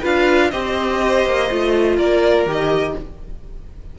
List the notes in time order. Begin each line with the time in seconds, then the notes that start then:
0.00 D4 F4 B4 F5
0.51 C4 G4 C5 D#5
1.25 A#3
1.50 A3 F4
1.97 A#3 A#4 D5
2.46 D#3 G4 D#5